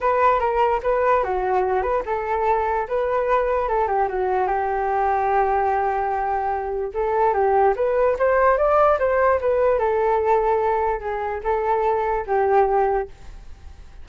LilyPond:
\new Staff \with { instrumentName = "flute" } { \time 4/4 \tempo 4 = 147 b'4 ais'4 b'4 fis'4~ | fis'8 b'8 a'2 b'4~ | b'4 a'8 g'8 fis'4 g'4~ | g'1~ |
g'4 a'4 g'4 b'4 | c''4 d''4 c''4 b'4 | a'2. gis'4 | a'2 g'2 | }